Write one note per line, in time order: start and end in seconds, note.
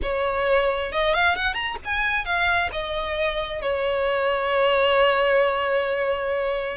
0.02 0.92 C#5
0.92 1.13 D#5
1.13 1.35 F5
1.35 1.54 F#5
1.54 1.76 A#5
1.84 2.25 G#5
2.25 2.70 F5
2.72 3.61 D#5
3.61 6.77 C#5